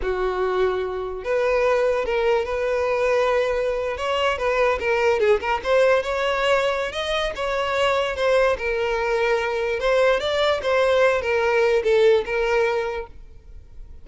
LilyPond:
\new Staff \with { instrumentName = "violin" } { \time 4/4 \tempo 4 = 147 fis'2. b'4~ | b'4 ais'4 b'2~ | b'4.~ b'16 cis''4 b'4 ais'16~ | ais'8. gis'8 ais'8 c''4 cis''4~ cis''16~ |
cis''4 dis''4 cis''2 | c''4 ais'2. | c''4 d''4 c''4. ais'8~ | ais'4 a'4 ais'2 | }